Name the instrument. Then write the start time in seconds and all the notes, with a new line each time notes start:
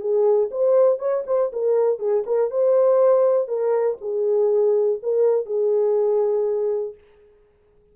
horn
0.00 G#4
0.51 C5
0.99 C#5
1.26 C5
1.53 A#4
1.99 G#4
2.26 A#4
2.50 C5
3.48 A#4
4.01 G#4
5.02 A#4
5.46 G#4